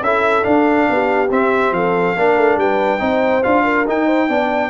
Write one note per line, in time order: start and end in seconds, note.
0.00 0.43 C#4
0.00 0.42 E4
0.00 0.89 A4
0.00 0.44 E5
0.42 1.27 D4
0.42 0.88 D4
0.42 1.29 F5
0.89 1.30 B3
0.89 1.75 G4
1.30 1.71 C4
1.30 2.16 C4
1.30 1.73 E5
1.71 2.14 F3
1.71 2.16 A4
1.71 2.58 F5
2.16 2.37 A#3
2.16 2.99 D4
2.16 2.59 A#4
2.37 2.57 A3
2.57 2.99 G3
2.57 3.02 B4
2.57 3.43 G5
2.99 3.43 C4
2.99 3.41 D#4
2.99 3.63 C5
3.43 3.87 D4
3.43 3.85 F4
3.43 3.85 F5
3.63 4.05 A#4
3.87 4.28 D#4
3.87 4.29 D#4
3.87 4.69 G5
4.05 4.26 C5
4.28 4.69 B3
4.28 4.69 D4
4.28 4.69 D5